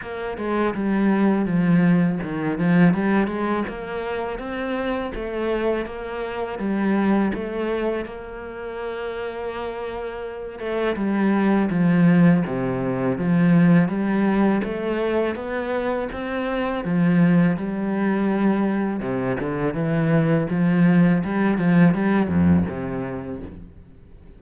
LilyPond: \new Staff \with { instrumentName = "cello" } { \time 4/4 \tempo 4 = 82 ais8 gis8 g4 f4 dis8 f8 | g8 gis8 ais4 c'4 a4 | ais4 g4 a4 ais4~ | ais2~ ais8 a8 g4 |
f4 c4 f4 g4 | a4 b4 c'4 f4 | g2 c8 d8 e4 | f4 g8 f8 g8 f,8 c4 | }